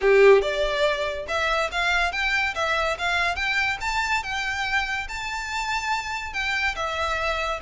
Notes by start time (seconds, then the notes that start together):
0.01 G4
0.41 D5
1.28 E5
1.71 F5
2.12 G5
2.54 E5
2.98 F5
3.35 G5
3.80 A5
4.23 G5
5.08 A5
6.33 G5
6.75 E5